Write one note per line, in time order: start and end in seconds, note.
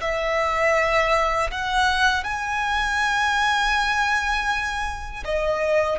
0.00 1.50 E5
1.51 2.24 F#5
2.24 5.24 G#5
5.24 5.99 D#5